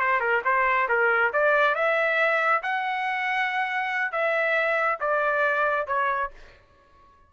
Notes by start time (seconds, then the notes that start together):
0.00 C5
0.20 A#4
0.45 C5
0.89 A#4
1.33 D5
1.75 E5
2.63 F#5
4.12 E5
5.00 D5
5.87 C#5